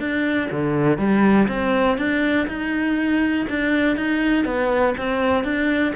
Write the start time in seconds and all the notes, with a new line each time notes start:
0.00 D4
0.52 D3
0.98 G3
1.49 C4
1.98 D4
2.48 D#4
3.50 D4
3.97 D#4
4.45 B3
4.98 C4
5.44 D4